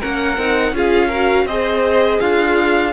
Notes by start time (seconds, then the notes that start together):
0.00 A#3 C#4 A#4 F#5
0.37 C4 D#4
0.72 C#4 F4 G#4 F5
1.08 F#4 A#4
1.46 C4 G#4 C5 D#5
2.20 D4 F4 F5